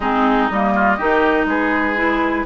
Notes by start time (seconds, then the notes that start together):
0.00 G#3 C4 D#4 G#4
0.48 G3 A#3 D#5
0.74 F4
0.96 D#3 D#4 G4
1.45 G#3 G#4 B4
1.96 E4